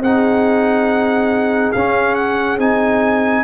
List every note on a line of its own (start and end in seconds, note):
0.00 1.71 C4
0.00 1.75 D#4
0.00 3.44 G#4
0.00 1.72 F#5
1.72 2.58 C#4
1.72 2.60 C#4
1.72 2.15 F5
2.15 2.58 F#5
2.58 3.44 C4
2.58 3.44 D#4
2.58 3.44 G#5